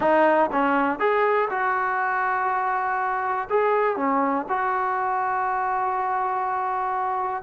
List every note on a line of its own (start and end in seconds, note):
0.00 0.50 D#4
0.52 0.99 C#4
0.99 1.49 G#4
1.50 3.48 F#4
3.49 3.96 G#4
3.96 4.45 C#4
4.48 7.43 F#4